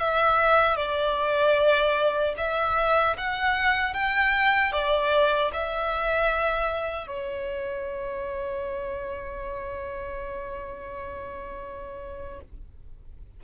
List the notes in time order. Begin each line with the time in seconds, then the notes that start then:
0.00 E5
0.76 D5
2.38 E5
3.17 F#5
3.94 G5
4.72 D5
5.53 E5
7.07 C#5